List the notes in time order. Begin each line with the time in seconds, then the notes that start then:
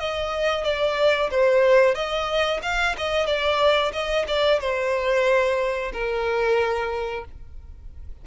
0.00 D#5
0.64 D5
1.31 C5
1.95 D#5
2.63 F5
2.98 D#5
3.27 D5
3.93 D#5
4.28 D5
4.60 C5
5.93 A#4